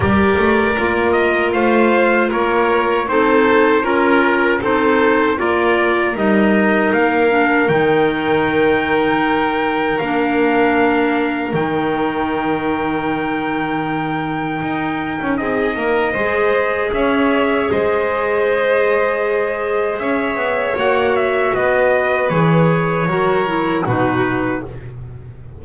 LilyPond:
<<
  \new Staff \with { instrumentName = "trumpet" } { \time 4/4 \tempo 4 = 78 d''4. dis''8 f''4 cis''4 | c''4 ais'4 c''4 d''4 | dis''4 f''4 g''2~ | g''4 f''2 g''4~ |
g''1 | dis''2 e''4 dis''4~ | dis''2 e''4 fis''8 e''8 | dis''4 cis''2 b'4 | }
  \new Staff \with { instrumentName = "violin" } { \time 4/4 ais'2 c''4 ais'4 | a'4 ais'4 a'4 ais'4~ | ais'1~ | ais'1~ |
ais'1 | gis'8 ais'8 c''4 cis''4 c''4~ | c''2 cis''2 | b'2 ais'4 fis'4 | }
  \new Staff \with { instrumentName = "clarinet" } { \time 4/4 g'4 f'2. | dis'4 f'4 dis'4 f'4 | dis'4. d'8 dis'2~ | dis'4 d'2 dis'4~ |
dis'1~ | dis'4 gis'2.~ | gis'2. fis'4~ | fis'4 gis'4 fis'8 e'8 dis'4 | }
  \new Staff \with { instrumentName = "double bass" } { \time 4/4 g8 a8 ais4 a4 ais4 | c'4 cis'4 c'4 ais4 | g4 ais4 dis2~ | dis4 ais2 dis4~ |
dis2. dis'8. cis'16 | c'8 ais8 gis4 cis'4 gis4~ | gis2 cis'8 b8 ais4 | b4 e4 fis4 b,4 | }
>>